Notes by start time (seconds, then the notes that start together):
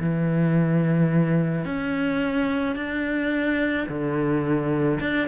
0.00 E3
1.65 C#4
2.76 D4
3.88 D3
5.00 D4